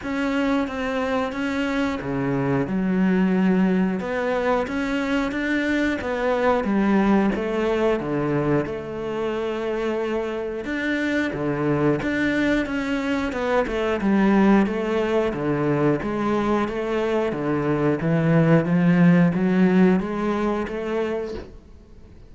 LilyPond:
\new Staff \with { instrumentName = "cello" } { \time 4/4 \tempo 4 = 90 cis'4 c'4 cis'4 cis4 | fis2 b4 cis'4 | d'4 b4 g4 a4 | d4 a2. |
d'4 d4 d'4 cis'4 | b8 a8 g4 a4 d4 | gis4 a4 d4 e4 | f4 fis4 gis4 a4 | }